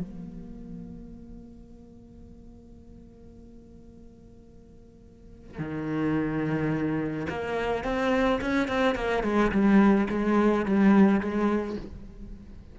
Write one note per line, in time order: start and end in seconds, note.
0.00 5.59 A#3
5.59 7.27 D#3
7.30 7.85 A#3
7.85 8.41 C4
8.42 8.69 C#4
8.69 8.96 C4
8.96 9.24 A#3
9.24 9.52 G#3
9.52 10.08 G3
10.10 10.66 G#3
10.66 11.21 G3
11.21 11.77 G#3